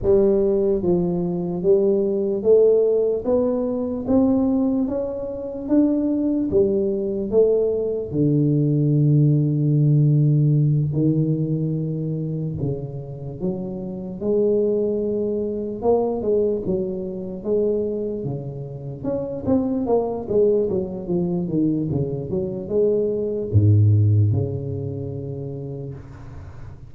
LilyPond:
\new Staff \with { instrumentName = "tuba" } { \time 4/4 \tempo 4 = 74 g4 f4 g4 a4 | b4 c'4 cis'4 d'4 | g4 a4 d2~ | d4. dis2 cis8~ |
cis8 fis4 gis2 ais8 | gis8 fis4 gis4 cis4 cis'8 | c'8 ais8 gis8 fis8 f8 dis8 cis8 fis8 | gis4 gis,4 cis2 | }